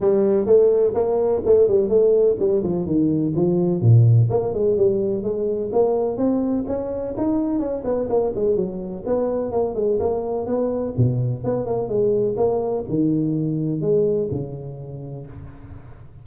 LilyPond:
\new Staff \with { instrumentName = "tuba" } { \time 4/4 \tempo 4 = 126 g4 a4 ais4 a8 g8 | a4 g8 f8 dis4 f4 | ais,4 ais8 gis8 g4 gis4 | ais4 c'4 cis'4 dis'4 |
cis'8 b8 ais8 gis8 fis4 b4 | ais8 gis8 ais4 b4 b,4 | b8 ais8 gis4 ais4 dis4~ | dis4 gis4 cis2 | }